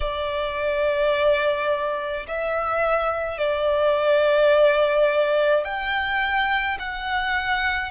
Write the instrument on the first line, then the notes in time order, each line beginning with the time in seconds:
violin
0.00 D5
2.27 E5
3.38 D5
5.64 G5
6.79 F#5